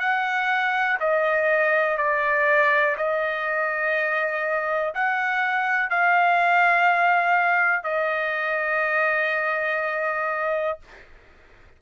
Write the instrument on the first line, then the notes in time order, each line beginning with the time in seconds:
trumpet
0.00 F#5
1.01 D#5
1.98 D5
2.98 D#5
4.95 F#5
5.91 F5
7.84 D#5